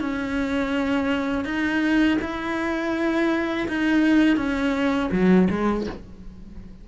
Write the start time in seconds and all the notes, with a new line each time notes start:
0.00 C#4
1.44 D#4
2.21 E4
3.68 D#4
4.36 C#4
5.12 F#3
5.50 G#3